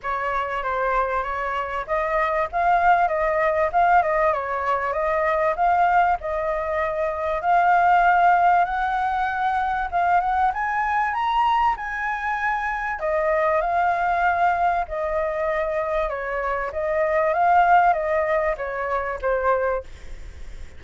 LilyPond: \new Staff \with { instrumentName = "flute" } { \time 4/4 \tempo 4 = 97 cis''4 c''4 cis''4 dis''4 | f''4 dis''4 f''8 dis''8 cis''4 | dis''4 f''4 dis''2 | f''2 fis''2 |
f''8 fis''8 gis''4 ais''4 gis''4~ | gis''4 dis''4 f''2 | dis''2 cis''4 dis''4 | f''4 dis''4 cis''4 c''4 | }